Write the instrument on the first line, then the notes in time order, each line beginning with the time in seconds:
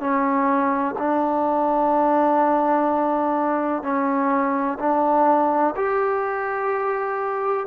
trombone
0.00 C#4
0.98 D4
3.83 C#4
4.79 D4
5.76 G4